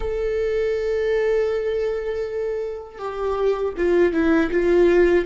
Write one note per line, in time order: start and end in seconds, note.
0.00 2.98 A4
2.98 3.73 G4
3.77 4.12 F4
4.12 4.50 E4
4.51 5.25 F4